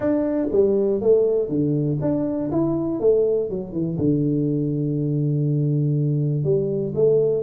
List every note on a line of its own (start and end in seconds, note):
0.00 0.48 D4
0.51 1.01 G3
1.01 1.48 A3
1.48 1.98 D3
2.01 2.50 D4
2.51 3.00 E4
3.00 3.49 A3
3.49 3.72 F#3
3.72 3.97 E3
3.98 6.43 D3
6.43 6.93 G3
6.94 7.42 A3